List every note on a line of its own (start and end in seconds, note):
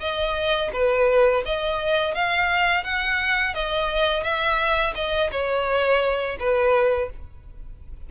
0.00 0.71 D#5
0.73 1.43 B4
1.45 2.15 D#5
2.15 2.84 F5
2.84 3.54 F#5
3.54 4.23 D#5
4.23 4.94 E5
4.95 5.30 D#5
5.31 6.37 C#5
6.39 7.10 B4